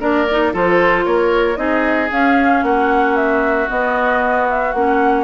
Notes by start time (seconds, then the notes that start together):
0.00 A#3 D4 A#4 D5
0.31 D#4
0.53 F3 F4 A4 C5
1.05 A#3 A#4 C#5
1.55 C4 D#4 G#4 D#5
2.12 C#4 F5
2.63 A#3 F#4 F#5
3.16 E5
3.69 B3 D#5
4.50 E5
4.73 A#3 C#4 F#5